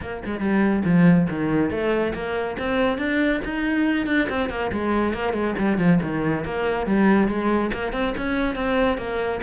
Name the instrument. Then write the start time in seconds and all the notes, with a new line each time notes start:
cello
0.01 A#3
0.25 G#3
0.40 G3
0.84 F3
1.29 D#3
1.70 A3
2.14 A#3
2.58 C4
2.98 D4
3.44 D#4
4.06 D4
4.29 C4
4.49 A#3
4.72 G#3
5.13 A#3
5.33 G#3
5.58 G3
5.78 F3
6.02 D#3
6.44 A#3
6.86 G3
7.27 G#3
7.73 A#3
7.92 C4
8.17 C#4
8.55 C4
8.97 A#3